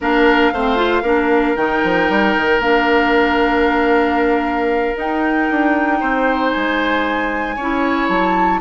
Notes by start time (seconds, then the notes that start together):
0.01 A#3 D4 A#4 F5
0.52 A3 C4 C5
0.76 F4
1.02 A#3 D4 A#4
1.56 D#3 D#4 G5
1.83 F3
2.09 G3
2.36 D#3
2.59 A#3 D4 F5
4.95 D#4 G5
5.50 D4
5.99 C4 C5
6.50 G#3 G#5
7.55 C#4 E4 C#5
8.08 F#3 A5